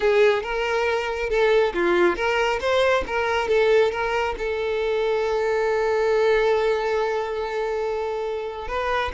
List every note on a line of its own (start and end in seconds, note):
0.00 0.42 G#4
0.42 1.29 A#4
1.29 1.73 A4
1.74 2.16 F4
2.16 2.59 A#4
2.60 3.03 C5
3.06 3.48 A#4
3.48 3.91 A4
3.91 4.35 A#4
4.38 8.68 A4
8.68 9.11 B4